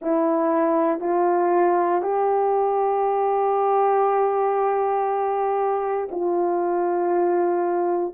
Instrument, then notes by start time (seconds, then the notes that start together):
horn
0.01 E4
1.00 F4
2.02 G4
6.11 F4